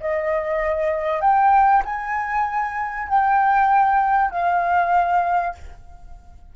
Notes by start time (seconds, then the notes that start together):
0.00 D#5
1.21 G5
1.85 G#5
3.09 G5
4.31 F5